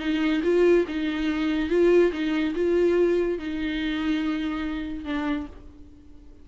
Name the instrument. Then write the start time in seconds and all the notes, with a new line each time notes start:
viola
0.00 D#4
0.44 F4
0.88 D#4
1.70 F4
2.13 D#4
2.55 F4
3.39 D#4
5.05 D4